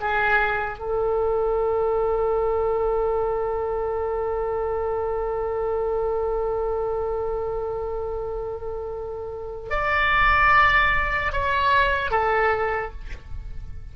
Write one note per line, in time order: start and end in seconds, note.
0.00 0.79 G#4
0.79 9.70 A4
9.70 11.32 D5
11.32 12.10 C#5
12.10 12.91 A4